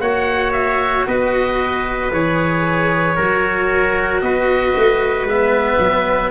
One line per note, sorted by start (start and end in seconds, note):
0.00 1.05 A#3
0.00 2.11 F#4
0.00 1.07 C#5
0.00 0.53 F#5
0.53 1.05 E5
1.07 2.12 B3
1.07 3.16 B4
1.07 2.13 D#5
2.12 3.17 E3
2.12 3.18 G#4
2.12 4.21 C#5
3.16 4.21 F#3
3.16 5.29 F#4
3.16 4.22 A#4
4.21 4.74 B3
4.21 6.31 B4
4.21 5.27 D#5
4.77 5.23 A3
5.23 5.76 G#3
5.23 6.31 B3
5.23 6.31 E5
5.79 6.31 F#3